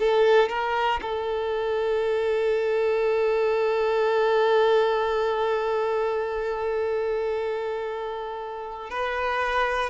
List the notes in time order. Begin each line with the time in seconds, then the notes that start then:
0.00 A4
0.49 A#4
1.03 A4
8.91 B4